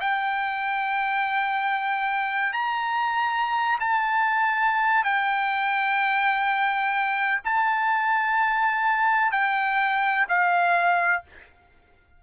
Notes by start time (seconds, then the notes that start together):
0.00 G5
2.52 A#5
3.80 A5
5.04 G5
7.44 A5
9.31 G5
10.28 F5